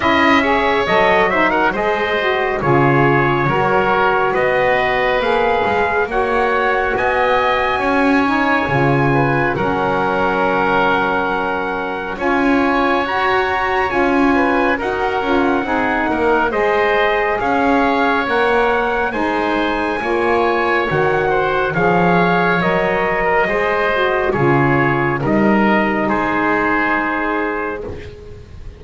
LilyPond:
<<
  \new Staff \with { instrumentName = "trumpet" } { \time 4/4 \tempo 4 = 69 e''4 dis''8 e''16 fis''16 dis''4 cis''4~ | cis''4 dis''4 f''4 fis''4 | gis''2. fis''4~ | fis''2 gis''4 ais''4 |
gis''4 fis''2 dis''4 | f''4 fis''4 gis''2 | fis''4 f''4 dis''2 | cis''4 dis''4 c''2 | }
  \new Staff \with { instrumentName = "oboe" } { \time 4/4 dis''8 cis''4 c''16 ais'16 c''4 gis'4 | ais'4 b'2 cis''4 | dis''4 cis''4. b'8 ais'4~ | ais'2 cis''2~ |
cis''8 b'8 ais'4 gis'8 ais'8 c''4 | cis''2 c''4 cis''4~ | cis''8 c''8 cis''4.~ cis''16 ais'16 c''4 | gis'4 ais'4 gis'2 | }
  \new Staff \with { instrumentName = "saxophone" } { \time 4/4 e'8 gis'8 a'8 dis'8 gis'8 fis'8 f'4 | fis'2 gis'4 fis'4~ | fis'4. dis'8 f'4 cis'4~ | cis'2 f'4 fis'4 |
f'4 fis'8 f'8 dis'4 gis'4~ | gis'4 ais'4 dis'4 f'4 | fis'4 gis'4 ais'4 gis'8 fis'8 | f'4 dis'2. | }
  \new Staff \with { instrumentName = "double bass" } { \time 4/4 cis'4 fis4 gis4 cis4 | fis4 b4 ais8 gis8 ais4 | b4 cis'4 cis4 fis4~ | fis2 cis'4 fis'4 |
cis'4 dis'8 cis'8 c'8 ais8 gis4 | cis'4 ais4 gis4 ais4 | dis4 f4 fis4 gis4 | cis4 g4 gis2 | }
>>